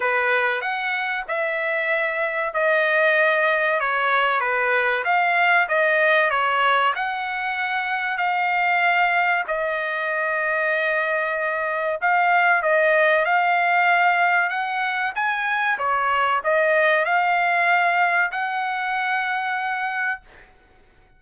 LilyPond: \new Staff \with { instrumentName = "trumpet" } { \time 4/4 \tempo 4 = 95 b'4 fis''4 e''2 | dis''2 cis''4 b'4 | f''4 dis''4 cis''4 fis''4~ | fis''4 f''2 dis''4~ |
dis''2. f''4 | dis''4 f''2 fis''4 | gis''4 cis''4 dis''4 f''4~ | f''4 fis''2. | }